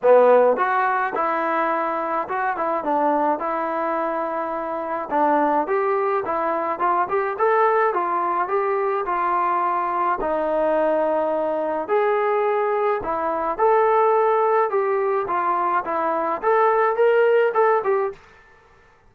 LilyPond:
\new Staff \with { instrumentName = "trombone" } { \time 4/4 \tempo 4 = 106 b4 fis'4 e'2 | fis'8 e'8 d'4 e'2~ | e'4 d'4 g'4 e'4 | f'8 g'8 a'4 f'4 g'4 |
f'2 dis'2~ | dis'4 gis'2 e'4 | a'2 g'4 f'4 | e'4 a'4 ais'4 a'8 g'8 | }